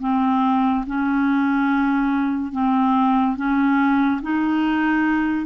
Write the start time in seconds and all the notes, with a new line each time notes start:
0.00 C4
0.86 C#4
2.52 C4
3.36 C#4
4.22 D#4